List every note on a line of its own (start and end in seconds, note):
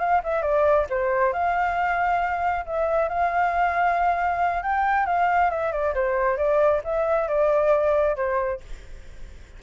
0.00 0.22 F5
0.24 0.42 E5
0.42 0.86 D5
0.90 1.33 C5
1.33 2.65 F5
2.66 3.09 E5
3.09 4.63 F5
4.63 5.06 G5
5.06 5.50 F5
5.50 5.72 E5
5.72 5.94 D5
5.95 6.37 C5
6.37 6.82 D5
6.84 7.28 E5
7.28 8.16 D5
8.16 8.60 C5